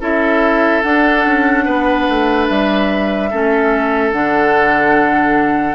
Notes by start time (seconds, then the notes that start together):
0.00 C#4 E4 A4 E5
0.82 D4 F#5
1.26 C#4
1.65 B3 B4
2.08 A3
2.48 G3 E5
3.30 A3 C#4 A4
4.11 D3 D4 F#5